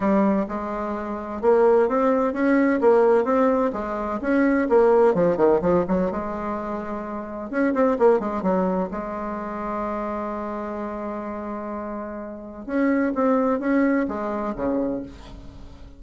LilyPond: \new Staff \with { instrumentName = "bassoon" } { \time 4/4 \tempo 4 = 128 g4 gis2 ais4 | c'4 cis'4 ais4 c'4 | gis4 cis'4 ais4 f8 dis8 | f8 fis8 gis2. |
cis'8 c'8 ais8 gis8 fis4 gis4~ | gis1~ | gis2. cis'4 | c'4 cis'4 gis4 cis4 | }